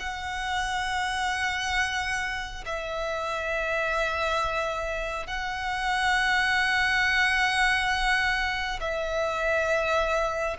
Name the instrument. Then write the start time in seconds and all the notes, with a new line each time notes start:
violin
0.00 F#5
2.66 E5
5.27 F#5
8.80 E5